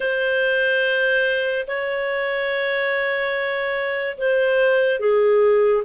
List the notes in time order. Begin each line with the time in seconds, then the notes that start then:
0.00 C5
1.67 C#5
4.17 C5
4.99 G#4